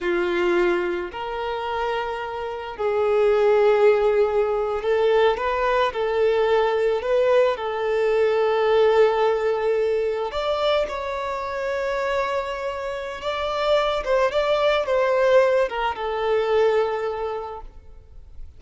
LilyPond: \new Staff \with { instrumentName = "violin" } { \time 4/4 \tempo 4 = 109 f'2 ais'2~ | ais'4 gis'2.~ | gis'8. a'4 b'4 a'4~ a'16~ | a'8. b'4 a'2~ a'16~ |
a'2~ a'8. d''4 cis''16~ | cis''1 | d''4. c''8 d''4 c''4~ | c''8 ais'8 a'2. | }